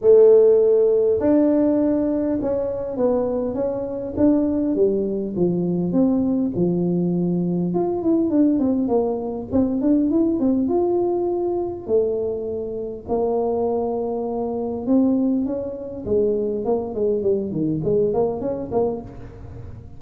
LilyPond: \new Staff \with { instrumentName = "tuba" } { \time 4/4 \tempo 4 = 101 a2 d'2 | cis'4 b4 cis'4 d'4 | g4 f4 c'4 f4~ | f4 f'8 e'8 d'8 c'8 ais4 |
c'8 d'8 e'8 c'8 f'2 | a2 ais2~ | ais4 c'4 cis'4 gis4 | ais8 gis8 g8 dis8 gis8 ais8 cis'8 ais8 | }